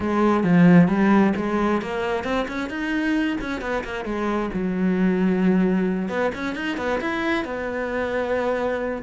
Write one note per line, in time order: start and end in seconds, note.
0.00 0.43 G#3
0.43 0.88 F3
0.88 1.33 G3
1.36 1.81 G#3
1.81 2.24 A#3
2.24 2.46 C4
2.48 2.69 C#4
2.69 3.37 D#4
3.40 3.61 C#4
3.61 3.83 B3
3.84 4.05 A#3
4.05 4.50 G#3
4.53 6.08 F#3
6.08 6.31 B3
6.34 6.55 C#4
6.55 6.77 D#4
6.77 6.99 B3
7.00 7.44 E4
7.44 9.02 B3